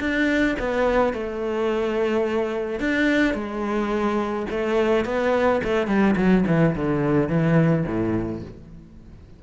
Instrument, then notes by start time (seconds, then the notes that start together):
cello
0.00 D4
0.59 B3
1.14 A3
2.80 D4
3.34 G#3
4.51 A3
5.05 B3
5.64 A3
5.87 G3
6.17 F#3
6.47 E3
6.76 D3
7.29 E3
7.87 A2